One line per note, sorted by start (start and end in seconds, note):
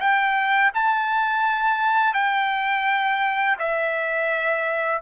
0.00 0.71 G5
0.74 2.14 A5
2.14 3.56 G5
3.59 5.02 E5